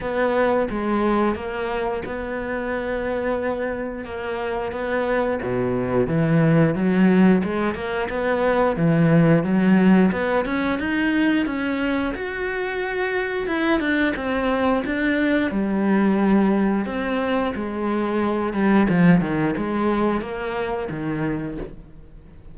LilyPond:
\new Staff \with { instrumentName = "cello" } { \time 4/4 \tempo 4 = 89 b4 gis4 ais4 b4~ | b2 ais4 b4 | b,4 e4 fis4 gis8 ais8 | b4 e4 fis4 b8 cis'8 |
dis'4 cis'4 fis'2 | e'8 d'8 c'4 d'4 g4~ | g4 c'4 gis4. g8 | f8 dis8 gis4 ais4 dis4 | }